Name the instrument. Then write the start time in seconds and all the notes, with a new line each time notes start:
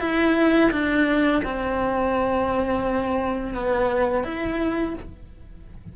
cello
0.00 E4
0.71 D4
1.44 C4
3.54 B3
4.23 E4